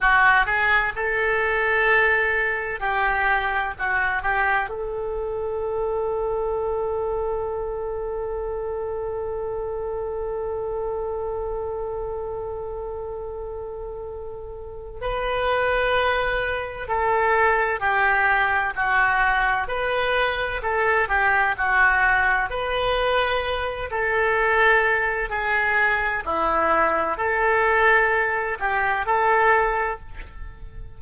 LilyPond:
\new Staff \with { instrumentName = "oboe" } { \time 4/4 \tempo 4 = 64 fis'8 gis'8 a'2 g'4 | fis'8 g'8 a'2.~ | a'1~ | a'1 |
b'2 a'4 g'4 | fis'4 b'4 a'8 g'8 fis'4 | b'4. a'4. gis'4 | e'4 a'4. g'8 a'4 | }